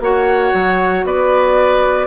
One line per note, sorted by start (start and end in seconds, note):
0.00 0.52 A#3
0.00 2.07 F#4
0.00 1.06 C#5
0.00 1.06 F#5
0.53 1.04 F#3
1.04 2.07 B3
1.04 2.07 B4
1.04 2.07 D5